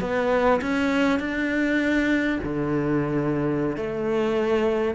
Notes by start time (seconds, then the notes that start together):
0.00 B3
0.61 C#4
1.19 D4
2.43 D3
3.76 A3